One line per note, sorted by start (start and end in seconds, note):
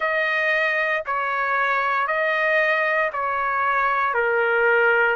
0.00 1.03 D#5
1.06 2.07 C#5
2.07 3.10 D#5
3.13 4.14 C#5
4.14 5.16 A#4